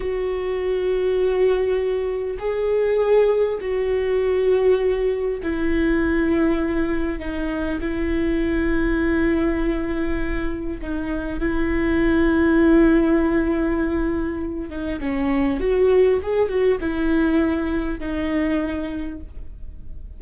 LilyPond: \new Staff \with { instrumentName = "viola" } { \time 4/4 \tempo 4 = 100 fis'1 | gis'2 fis'2~ | fis'4 e'2. | dis'4 e'2.~ |
e'2 dis'4 e'4~ | e'1~ | e'8 dis'8 cis'4 fis'4 gis'8 fis'8 | e'2 dis'2 | }